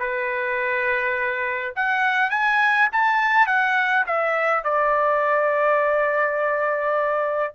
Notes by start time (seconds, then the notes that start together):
0.00 B4
1.76 F#5
2.31 G#5
2.93 A5
3.47 F#5
4.07 E5
4.64 D5